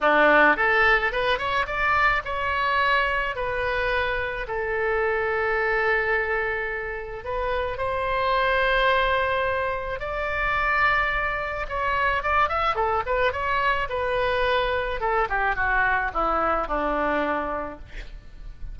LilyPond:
\new Staff \with { instrumentName = "oboe" } { \time 4/4 \tempo 4 = 108 d'4 a'4 b'8 cis''8 d''4 | cis''2 b'2 | a'1~ | a'4 b'4 c''2~ |
c''2 d''2~ | d''4 cis''4 d''8 e''8 a'8 b'8 | cis''4 b'2 a'8 g'8 | fis'4 e'4 d'2 | }